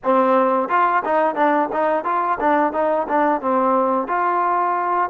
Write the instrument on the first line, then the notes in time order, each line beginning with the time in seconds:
trombone
0.03 C4
0.68 F4
1.04 D#4
1.35 D4
1.72 D#4
2.04 F4
2.40 D4
2.73 D#4
3.08 D4
3.41 C4
4.07 F4